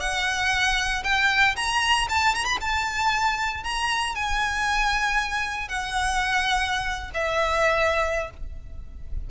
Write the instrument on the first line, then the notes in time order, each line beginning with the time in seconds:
violin
0.00 F#5
1.04 G5
1.56 A#5
2.09 A5
2.35 A#5
2.45 B5
2.61 A5
3.64 A#5
4.15 G#5
5.69 F#5
7.14 E5